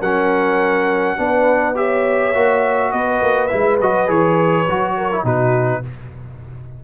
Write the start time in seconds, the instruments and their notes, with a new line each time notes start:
0.00 tuba F#3, trombone C#4, horn A#4, trumpet F#5
1.17 tuba B3, trombone D4, horn B4
1.75 trombone G4, horn C#5, trumpet E5
2.34 tuba A#3, trombone F#4
2.92 tuba B3, horn B4, trumpet D#5
3.22 tuba A#3
3.47 tuba G#3, trombone E4, trumpet E5
3.81 tuba F#3, trombone F#4, trumpet D#5
4.07 tuba E3, trombone G#4, trumpet C#5
4.69 tuba F#3, trombone F#4
4.97 horn A#4
5.12 trombone E4
5.23 tuba B2, trombone D#4, horn F#4, trumpet B4